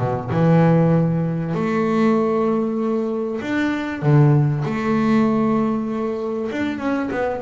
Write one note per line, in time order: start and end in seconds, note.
0.00 0.31 B2
0.31 1.55 E3
1.55 3.41 A3
3.42 4.03 D4
4.03 4.64 D3
4.66 6.51 A3
6.52 6.79 D4
6.79 7.10 C#4
7.12 7.42 B3